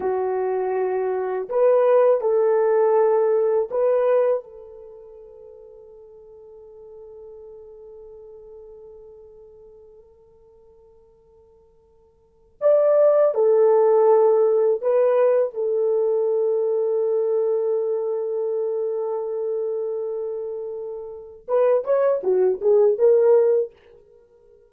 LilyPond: \new Staff \with { instrumentName = "horn" } { \time 4/4 \tempo 4 = 81 fis'2 b'4 a'4~ | a'4 b'4 a'2~ | a'1~ | a'1~ |
a'4 d''4 a'2 | b'4 a'2.~ | a'1~ | a'4 b'8 cis''8 fis'8 gis'8 ais'4 | }